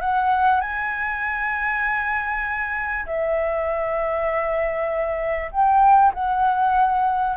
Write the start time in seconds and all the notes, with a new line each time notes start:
0.00 F#5
0.60 G#5
3.06 E5
5.51 G5
6.14 F#5